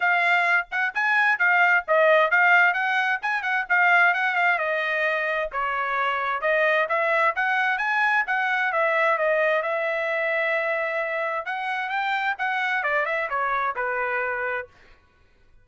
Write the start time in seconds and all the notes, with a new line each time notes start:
0.00 F5
0.71 F#5
0.94 G#5
1.38 F5
1.87 D#5
2.30 F5
2.73 F#5
3.22 G#5
3.42 F#5
3.69 F5
4.14 F#5
4.35 F5
4.58 D#5
5.52 C#5
6.41 D#5
6.88 E5
7.35 F#5
7.78 G#5
8.26 F#5
8.72 E5
9.18 D#5
9.62 E5
11.45 F#5
11.89 G5
12.38 F#5
12.83 D5
13.05 E5
13.29 C#5
13.75 B4